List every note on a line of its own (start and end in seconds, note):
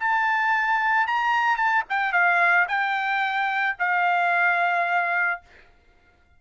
0.00 1.08 A5
1.08 1.57 A#5
1.57 1.84 A5
1.90 2.13 G5
2.13 2.67 F5
2.69 3.77 G5
3.79 5.42 F5